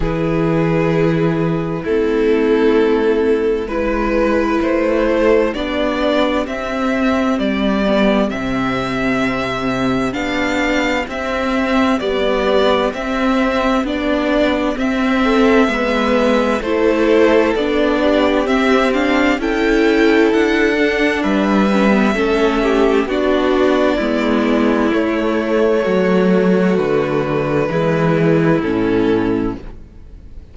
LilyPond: <<
  \new Staff \with { instrumentName = "violin" } { \time 4/4 \tempo 4 = 65 b'2 a'2 | b'4 c''4 d''4 e''4 | d''4 e''2 f''4 | e''4 d''4 e''4 d''4 |
e''2 c''4 d''4 | e''8 f''8 g''4 fis''4 e''4~ | e''4 d''2 cis''4~ | cis''4 b'2 a'4 | }
  \new Staff \with { instrumentName = "violin" } { \time 4/4 gis'2 e'2 | b'4. a'8 g'2~ | g'1~ | g'1~ |
g'8 a'8 b'4 a'4. g'8~ | g'4 a'2 b'4 | a'8 g'8 fis'4 e'2 | fis'2 e'2 | }
  \new Staff \with { instrumentName = "viola" } { \time 4/4 e'2 c'2 | e'2 d'4 c'4~ | c'8 b8 c'2 d'4 | c'4 g4 c'4 d'4 |
c'4 b4 e'4 d'4 | c'8 d'8 e'4. d'4 cis'16 b16 | cis'4 d'4 b4 a4~ | a2 gis4 cis'4 | }
  \new Staff \with { instrumentName = "cello" } { \time 4/4 e2 a2 | gis4 a4 b4 c'4 | g4 c2 b4 | c'4 b4 c'4 b4 |
c'4 gis4 a4 b4 | c'4 cis'4 d'4 g4 | a4 b4 gis4 a4 | fis4 d4 e4 a,4 | }
>>